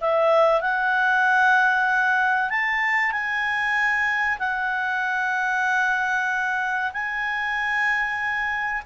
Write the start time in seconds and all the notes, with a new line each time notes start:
0.00 E5
0.61 F#5
2.49 A5
3.11 G#5
4.39 F#5
6.92 G#5